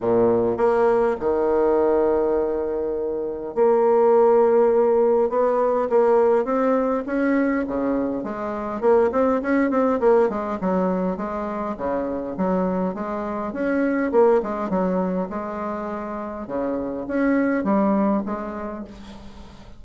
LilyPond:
\new Staff \with { instrumentName = "bassoon" } { \time 4/4 \tempo 4 = 102 ais,4 ais4 dis2~ | dis2 ais2~ | ais4 b4 ais4 c'4 | cis'4 cis4 gis4 ais8 c'8 |
cis'8 c'8 ais8 gis8 fis4 gis4 | cis4 fis4 gis4 cis'4 | ais8 gis8 fis4 gis2 | cis4 cis'4 g4 gis4 | }